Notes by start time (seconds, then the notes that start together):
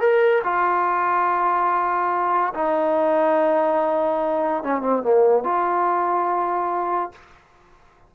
0.00 A#4
0.44 F4
2.54 D#4
4.63 C#4
4.81 C4
5.02 A#3
5.44 F4